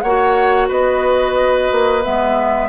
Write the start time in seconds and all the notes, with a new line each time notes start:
0.00 A#3 F#4 C#5 F#5
0.68 B3 B4 D#5
1.71 A#3
2.02 G#3 B3 E5